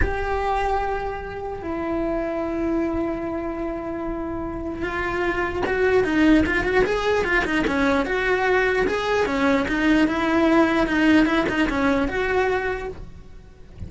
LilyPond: \new Staff \with { instrumentName = "cello" } { \time 4/4 \tempo 4 = 149 g'1 | e'1~ | e'1 | f'2 fis'4 dis'4 |
f'8 fis'8 gis'4 f'8 dis'8 cis'4 | fis'2 gis'4 cis'4 | dis'4 e'2 dis'4 | e'8 dis'8 cis'4 fis'2 | }